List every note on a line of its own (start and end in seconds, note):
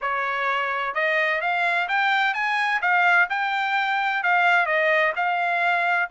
0.01 0.94 C#5
0.94 1.41 D#5
1.41 1.88 F5
1.88 2.34 G5
2.34 2.81 G#5
2.81 3.28 F5
3.29 4.23 G5
4.23 4.66 F5
4.66 5.13 D#5
5.15 6.09 F5